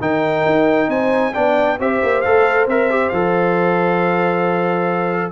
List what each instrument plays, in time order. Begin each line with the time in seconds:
0.00 tuba D#3, trombone D#4, horn A#4, trumpet G5
0.46 tuba D#4
0.88 tuba C4, horn C5, trumpet G#5
1.34 tuba B3, trombone D4, horn D5, trumpet G5
1.80 tuba C4, trombone G4, horn C5, trumpet E5
2.03 tuba A#3
2.21 tuba A3, trombone A4, trumpet F5
2.67 tuba C4, trombone A#4, trumpet E5
2.90 trombone G4
3.09 tuba F3, trombone A4, trumpet F5